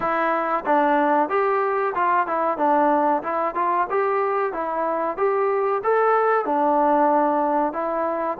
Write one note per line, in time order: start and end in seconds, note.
0.00 0.64 E4
0.65 1.29 D4
1.29 1.93 G4
1.94 2.26 F4
2.26 2.57 E4
2.57 3.22 D4
3.23 3.55 E4
3.55 3.87 F4
3.89 4.52 G4
4.52 5.17 E4
5.17 5.82 G4
5.83 6.45 A4
6.45 7.72 D4
7.72 8.37 E4